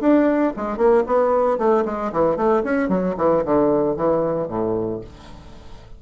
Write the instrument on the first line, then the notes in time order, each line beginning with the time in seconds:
bassoon
0.00 D4
0.56 G#3
0.77 A#3
1.06 B3
1.58 A3
1.85 G#3
2.12 E3
2.36 A3
2.63 C#4
2.88 F#3
3.17 E3
3.44 D3
3.96 E3
4.48 A2